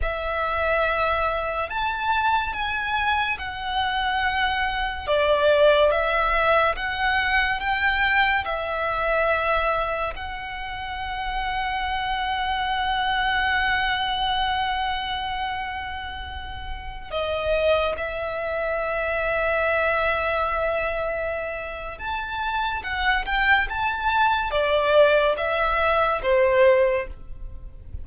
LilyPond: \new Staff \with { instrumentName = "violin" } { \time 4/4 \tempo 4 = 71 e''2 a''4 gis''4 | fis''2 d''4 e''4 | fis''4 g''4 e''2 | fis''1~ |
fis''1~ | fis''16 dis''4 e''2~ e''8.~ | e''2 a''4 fis''8 g''8 | a''4 d''4 e''4 c''4 | }